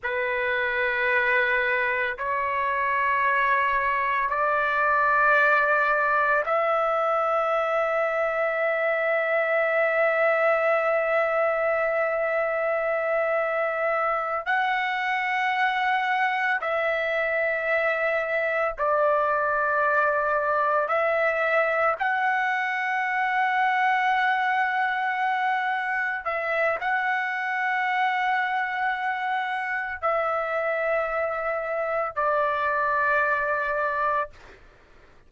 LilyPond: \new Staff \with { instrumentName = "trumpet" } { \time 4/4 \tempo 4 = 56 b'2 cis''2 | d''2 e''2~ | e''1~ | e''4. fis''2 e''8~ |
e''4. d''2 e''8~ | e''8 fis''2.~ fis''8~ | fis''8 e''8 fis''2. | e''2 d''2 | }